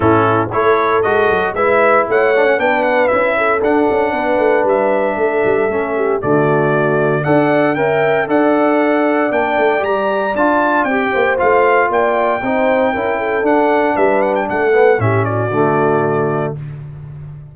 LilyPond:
<<
  \new Staff \with { instrumentName = "trumpet" } { \time 4/4 \tempo 4 = 116 a'4 cis''4 dis''4 e''4 | fis''4 g''8 fis''8 e''4 fis''4~ | fis''4 e''2. | d''2 fis''4 g''4 |
fis''2 g''4 ais''4 | a''4 g''4 f''4 g''4~ | g''2 fis''4 e''8 fis''16 g''16 | fis''4 e''8 d''2~ d''8 | }
  \new Staff \with { instrumentName = "horn" } { \time 4/4 e'4 a'2 b'4 | cis''4 b'4. a'4. | b'2 a'4. g'8 | fis'2 d''4 e''4 |
d''1~ | d''4. c''4. d''4 | c''4 ais'8 a'4. b'4 | a'4 g'8 fis'2~ fis'8 | }
  \new Staff \with { instrumentName = "trombone" } { \time 4/4 cis'4 e'4 fis'4 e'4~ | e'8 d'16 cis'16 d'4 e'4 d'4~ | d'2. cis'4 | a2 a'4 ais'4 |
a'2 d'4 g'4 | f'4 g'4 f'2 | dis'4 e'4 d'2~ | d'8 b8 cis'4 a2 | }
  \new Staff \with { instrumentName = "tuba" } { \time 4/4 a,4 a4 gis8 fis8 gis4 | a4 b4 cis'4 d'8 cis'8 | b8 a8 g4 a8 g8 a4 | d2 d'4 cis'4 |
d'2 ais8 a8 g4 | d'4 c'8 ais8 a4 ais4 | c'4 cis'4 d'4 g4 | a4 a,4 d2 | }
>>